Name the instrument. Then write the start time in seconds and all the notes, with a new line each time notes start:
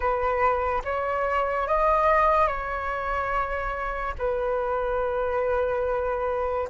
flute
0.00 B4
0.84 C#5
1.67 D#5
2.47 C#5
4.18 B4